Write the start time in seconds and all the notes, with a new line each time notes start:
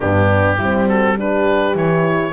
0.00 G2 B3 D4 G4
0.57 G3 C4 E4
0.87 F#4 A4
1.17 D4 G4 B4
1.74 E3 E4 C#5